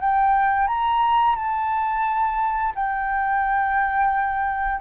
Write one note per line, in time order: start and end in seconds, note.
0.00 0.67 G5
0.67 1.36 A#5
1.36 2.74 A5
2.75 4.81 G5